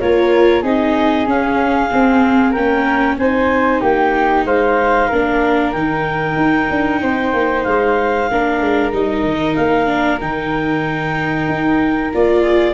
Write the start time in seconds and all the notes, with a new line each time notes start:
0.00 A#3 F4 A#4 C#5
0.62 C4 D#4 G#4 D#5
1.26 C#4 F5
1.91 C4
2.51 A#3 C#4 A#4 G5
3.17 C4 D#4 C5 G#5
3.80 A#3 G4 G5
4.45 G#3 C5 F5
5.08 A#3 D4 A#4
5.72 D#3 D#4 G5
6.37 D#4
6.70 D4
7.02 C4 C5
7.34 A#3
7.63 G#3 F5
8.31 A#3 D4 A#4
8.61 G#3
8.93 G3 D#4 D#5
9.24 D#3
9.56 A#3 F5
9.86 D4
10.20 D#3 D#4 G5
11.49 D#4
12.14 A#3 F4 D5
12.42 G#4